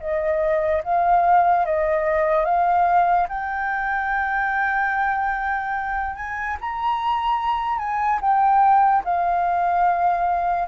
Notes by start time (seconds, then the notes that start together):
0.00 D#5
0.84 F5
1.66 D#5
2.45 F5
3.28 G5
6.16 G#5
6.61 A#5
7.78 G#5
8.21 G5
9.04 F5